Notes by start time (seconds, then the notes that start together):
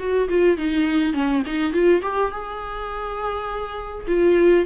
0.00 F#4
0.29 F4
0.58 D#4
1.14 C#4
1.46 D#4
1.73 F4
2.03 G4
2.32 G#4
4.08 F4